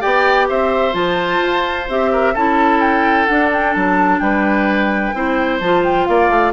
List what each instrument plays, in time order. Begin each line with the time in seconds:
0.00 bassoon B3, clarinet G4, oboe D5, flute G5
0.49 bassoon C4, oboe C5, flute E5
0.92 bassoon F3, clarinet F4, flute A5
1.42 bassoon F4
1.89 bassoon C4, clarinet G4, flute E5
2.12 oboe A#4
2.33 bassoon C#4, clarinet E4, oboe A4, flute A5
2.80 flute G5
3.26 clarinet D4, bassoon D4, flute F#5
3.53 flute G5
3.73 bassoon F#3, flute A5
4.19 bassoon G3, oboe B4, flute G5
5.14 bassoon C4, clarinet E4, oboe C5
5.60 bassoon F3, clarinet F4, flute A5
5.84 flute G5
6.06 bassoon A#3, oboe D5, flute F5
6.29 bassoon A3